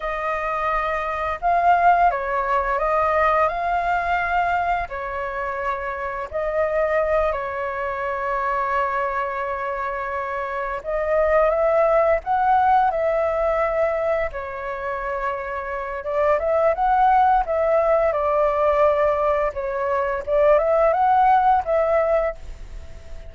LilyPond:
\new Staff \with { instrumentName = "flute" } { \time 4/4 \tempo 4 = 86 dis''2 f''4 cis''4 | dis''4 f''2 cis''4~ | cis''4 dis''4. cis''4.~ | cis''2.~ cis''8 dis''8~ |
dis''8 e''4 fis''4 e''4.~ | e''8 cis''2~ cis''8 d''8 e''8 | fis''4 e''4 d''2 | cis''4 d''8 e''8 fis''4 e''4 | }